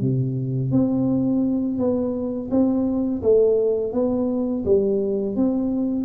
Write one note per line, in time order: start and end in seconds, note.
0.00 0.71 C3
0.71 1.78 C4
1.78 2.50 B3
2.50 3.21 C4
3.22 3.93 A3
3.93 4.64 B3
4.65 5.36 G3
5.36 6.05 C4